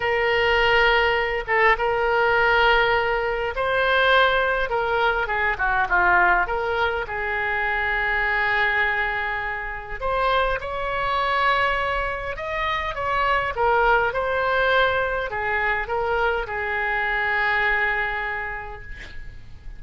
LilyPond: \new Staff \with { instrumentName = "oboe" } { \time 4/4 \tempo 4 = 102 ais'2~ ais'8 a'8 ais'4~ | ais'2 c''2 | ais'4 gis'8 fis'8 f'4 ais'4 | gis'1~ |
gis'4 c''4 cis''2~ | cis''4 dis''4 cis''4 ais'4 | c''2 gis'4 ais'4 | gis'1 | }